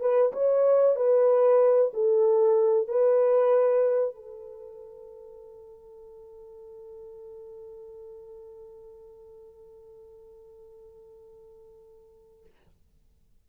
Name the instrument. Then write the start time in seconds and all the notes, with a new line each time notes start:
horn
0.00 B4
0.32 C#5
0.95 B4
1.93 A4
2.88 B4
4.15 A4